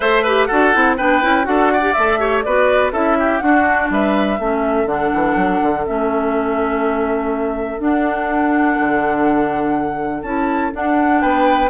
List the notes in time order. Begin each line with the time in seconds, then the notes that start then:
0.00 A3 A4 C5 E5
0.22 G4 B4
0.45 D4 F#4 A4 F#5
0.73 C4 E4
0.97 B3 D4 B4 G5
1.22 C#4 E4
1.43 D4 F#4 A4 F#5
1.72 D5
1.81 G4
1.93 A3 A4 E5
2.19 G4 C#5
2.42 B3 F#4 B4 D5
2.92 C#4 E4 A4 E5
3.19 G4
3.39 D4 F#4 F#5
3.90 G3 B4 E5
4.38 A3 C#4 A4
4.85 D3 D4 F#5
5.14 E3
5.35 F#3
5.62 D3
5.85 A3 C#4 E5
7.79 D4 F#5
8.79 D3
10.22 C#4 E4 A5
10.72 D4 F#5
11.21 B3 B4 G5